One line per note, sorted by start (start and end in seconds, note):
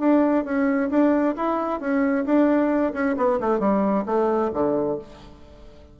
0.00 0.45 D4
0.45 0.90 C#4
0.90 1.36 D4
1.37 1.81 E4
1.81 2.26 C#4
2.26 2.93 D4
2.94 3.16 C#4
3.18 3.40 B3
3.41 3.60 A3
3.60 4.05 G3
4.06 4.51 A3
4.54 4.99 D3